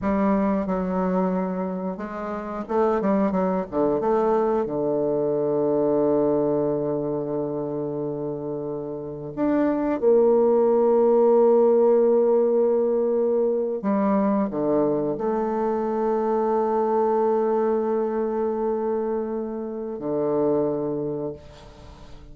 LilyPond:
\new Staff \with { instrumentName = "bassoon" } { \time 4/4 \tempo 4 = 90 g4 fis2 gis4 | a8 g8 fis8 d8 a4 d4~ | d1~ | d2 d'4 ais4~ |
ais1~ | ais8. g4 d4 a4~ a16~ | a1~ | a2 d2 | }